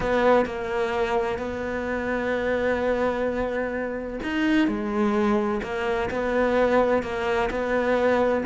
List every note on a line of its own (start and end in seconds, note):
0.00 0.45 B3
0.45 1.38 A#3
1.38 4.19 B3
4.23 4.67 D#4
4.67 5.61 G#3
5.62 6.09 A#3
6.10 7.02 B3
7.02 7.49 A#3
7.50 8.44 B3